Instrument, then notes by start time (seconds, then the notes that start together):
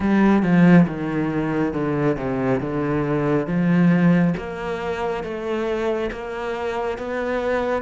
cello
0.00 G3
0.42 F3
0.87 D#3
1.73 D3
2.16 C3
2.60 D3
3.47 F3
4.37 A#3
5.23 A3
6.11 A#3
6.98 B3